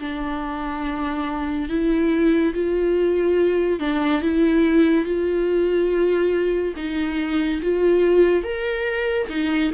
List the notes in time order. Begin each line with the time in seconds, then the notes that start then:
0.00 D4
1.69 E4
2.54 F4
3.80 D4
4.22 E4
5.05 F4
6.76 D#4
7.62 F4
8.44 A#4
9.29 D#4